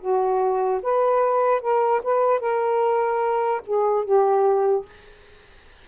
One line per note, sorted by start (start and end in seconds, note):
0.00 0.81 F#4
0.83 1.61 B4
1.61 2.02 A#4
2.04 2.40 B4
2.40 3.62 A#4
3.67 4.05 G#4
4.05 4.86 G4